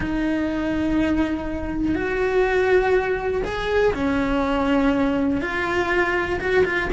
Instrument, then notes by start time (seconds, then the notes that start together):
cello
0.00 D#4
1.94 F#4
3.44 G#4
3.93 C#4
5.41 F4
6.39 F#4
6.64 F4